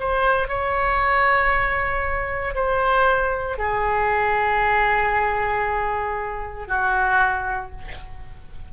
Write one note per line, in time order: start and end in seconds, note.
0.00 0.48 C5
0.48 2.55 C#5
2.55 3.58 C5
3.58 6.68 G#4
6.68 7.71 F#4